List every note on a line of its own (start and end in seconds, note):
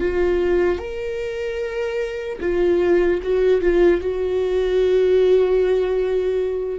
0.00 0.78 F4
0.78 2.38 A#4
2.40 3.20 F4
3.22 3.61 F#4
3.61 4.01 F4
4.01 6.79 F#4